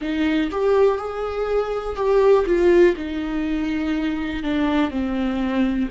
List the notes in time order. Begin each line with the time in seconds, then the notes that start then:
0.01 D#4
0.51 G4
0.97 G#4
1.95 G4
2.46 F4
2.96 D#4
4.43 D4
4.90 C4